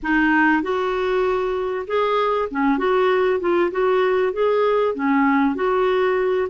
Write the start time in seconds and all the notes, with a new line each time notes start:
0.03 D#4
0.62 F#4
1.87 G#4
2.51 C#4
2.78 F#4
3.39 F4
3.71 F#4
4.32 G#4
4.94 C#4
5.55 F#4